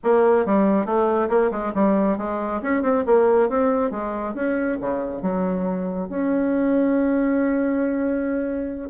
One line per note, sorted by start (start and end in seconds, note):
0.03 0.45 A#3
0.45 0.85 G3
0.85 1.28 A3
1.29 1.51 A#3
1.51 1.72 G#3
1.74 2.17 G3
2.17 2.61 G#3
2.61 2.82 C#4
2.82 3.04 C4
3.06 3.49 A#3
3.49 3.90 C4
3.90 4.34 G#3
4.34 4.78 C#4
4.80 5.22 C#3
5.22 6.09 F#3
6.09 8.90 C#4